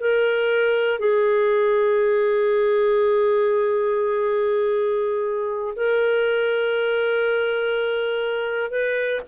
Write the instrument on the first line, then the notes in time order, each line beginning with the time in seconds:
clarinet
0.00 A#4
0.99 G#4
5.75 A#4
8.70 B4